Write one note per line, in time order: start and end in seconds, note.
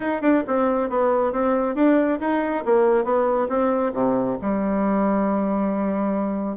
0.00 0.21 D#4
0.21 0.43 D4
0.47 0.89 C4
0.89 1.32 B3
1.32 1.75 C4
1.75 2.19 D4
2.20 2.63 D#4
2.65 3.04 A#3
3.04 3.48 B3
3.48 3.92 C4
3.93 4.37 C3
4.41 6.57 G3